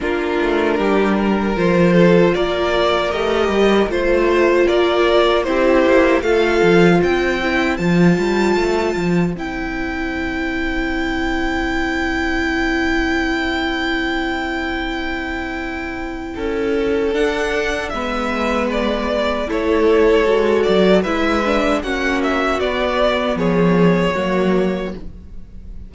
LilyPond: <<
  \new Staff \with { instrumentName = "violin" } { \time 4/4 \tempo 4 = 77 ais'2 c''4 d''4 | dis''4 c''4 d''4 c''4 | f''4 g''4 a''2 | g''1~ |
g''1~ | g''2 fis''4 e''4 | d''4 cis''4. d''8 e''4 | fis''8 e''8 d''4 cis''2 | }
  \new Staff \with { instrumentName = "violin" } { \time 4/4 f'4 g'8 ais'4 a'8 ais'4~ | ais'4 c''4 ais'4 g'4 | a'4 c''2.~ | c''1~ |
c''1~ | c''4 a'2 b'4~ | b'4 a'2 b'4 | fis'2 gis'4 fis'4 | }
  \new Staff \with { instrumentName = "viola" } { \time 4/4 d'2 f'2 | g'4 f'2 e'4 | f'4. e'8 f'2 | e'1~ |
e'1~ | e'2 d'4 b4~ | b4 e'4 fis'4 e'8 d'8 | cis'4 b2 ais4 | }
  \new Staff \with { instrumentName = "cello" } { \time 4/4 ais8 a8 g4 f4 ais4 | a8 g8 a4 ais4 c'8 ais8 | a8 f8 c'4 f8 g8 a8 f8 | c'1~ |
c'1~ | c'4 cis'4 d'4 gis4~ | gis4 a4 gis8 fis8 gis4 | ais4 b4 f4 fis4 | }
>>